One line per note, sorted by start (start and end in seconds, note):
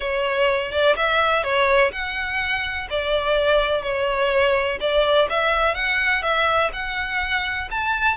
0.00 0.71 C#5
0.71 0.95 D5
0.96 1.43 E5
1.43 1.91 C#5
1.92 2.88 F#5
2.89 3.82 D5
3.82 4.78 C#5
4.80 5.28 D5
5.29 5.74 E5
5.74 6.22 F#5
6.22 6.70 E5
6.72 7.68 F#5
7.70 8.16 A5